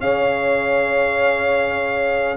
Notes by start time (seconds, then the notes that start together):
0.00 C#4 G#4 C#5 F5